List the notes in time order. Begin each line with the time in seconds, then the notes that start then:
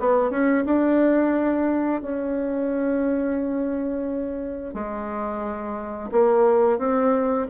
0.00 B3
0.31 C#4
0.66 D4
2.02 C#4
4.74 G#3
6.12 A#3
6.79 C4